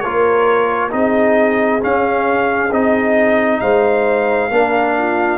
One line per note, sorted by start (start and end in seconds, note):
0.00 0.93 A#3
0.00 0.91 F4
0.00 0.90 A#4
0.00 0.90 C#5
0.91 1.82 C4
0.91 1.80 D#4
0.91 3.61 G#4
0.91 1.82 D#5
1.81 2.70 C#4
1.81 2.71 C#4
1.81 2.73 F5
2.71 3.61 C4
2.71 4.51 D#4
2.71 3.60 D#5
3.60 4.50 G#3
3.60 4.51 C5
3.60 5.38 F5
4.50 5.38 A#3
4.50 5.38 D4
4.50 4.96 A#4
4.98 5.38 F4